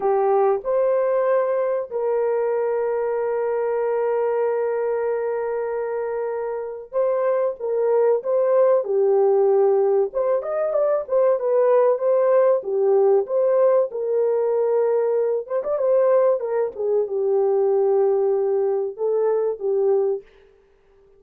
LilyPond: \new Staff \with { instrumentName = "horn" } { \time 4/4 \tempo 4 = 95 g'4 c''2 ais'4~ | ais'1~ | ais'2. c''4 | ais'4 c''4 g'2 |
c''8 dis''8 d''8 c''8 b'4 c''4 | g'4 c''4 ais'2~ | ais'8 c''16 d''16 c''4 ais'8 gis'8 g'4~ | g'2 a'4 g'4 | }